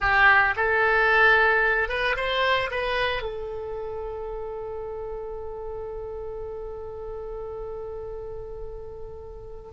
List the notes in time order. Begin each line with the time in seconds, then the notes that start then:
0.00 G4
0.56 A4
1.88 B4
2.16 C5
2.70 B4
3.22 A4